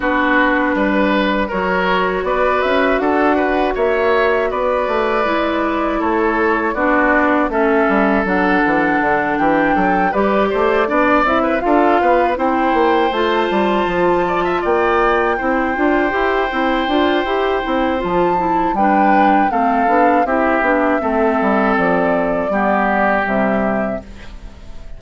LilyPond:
<<
  \new Staff \with { instrumentName = "flute" } { \time 4/4 \tempo 4 = 80 b'2 cis''4 d''8 e''8 | fis''4 e''4 d''2 | cis''4 d''4 e''4 fis''4~ | fis''8 g''4 d''4. e''8 f''8~ |
f''8 g''4 a''2 g''8~ | g''1 | a''4 g''4 f''4 e''4~ | e''4 d''2 e''4 | }
  \new Staff \with { instrumentName = "oboe" } { \time 4/4 fis'4 b'4 ais'4 b'4 | a'8 b'8 cis''4 b'2 | a'4 fis'4 a'2~ | a'8 g'8 a'8 b'8 c''8 d''8. b'16 a'8 |
b'8 c''2~ c''8 d''16 e''16 d''8~ | d''8 c''2.~ c''8~ | c''4 b'4 a'4 g'4 | a'2 g'2 | }
  \new Staff \with { instrumentName = "clarinet" } { \time 4/4 d'2 fis'2~ | fis'2. e'4~ | e'4 d'4 cis'4 d'4~ | d'4. g'4 d'8 e'8 f'8~ |
f'8 e'4 f'2~ f'8~ | f'8 e'8 f'8 g'8 e'8 f'8 g'8 e'8 | f'8 e'8 d'4 c'8 d'8 e'8 d'8 | c'2 b4 g4 | }
  \new Staff \with { instrumentName = "bassoon" } { \time 4/4 b4 g4 fis4 b8 cis'8 | d'4 ais4 b8 a8 gis4 | a4 b4 a8 g8 fis8 e8 | d8 e8 fis8 g8 a8 b8 c'8 d'8 |
b8 c'8 ais8 a8 g8 f4 ais8~ | ais8 c'8 d'8 e'8 c'8 d'8 e'8 c'8 | f4 g4 a8 b8 c'8 b8 | a8 g8 f4 g4 c4 | }
>>